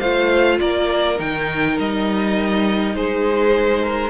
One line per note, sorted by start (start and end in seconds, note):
0.00 0.60 A3
0.00 1.17 F4
0.00 0.59 C5
0.00 0.59 F5
0.60 1.19 A#3
0.60 2.96 A#4
0.60 1.19 D5
1.17 1.78 D#3
1.17 4.10 D#4
1.17 1.79 G5
1.79 2.95 G3
1.79 2.95 D#5
2.95 4.10 G#3
2.95 3.83 G#4
2.95 4.10 C5
3.83 4.10 A#4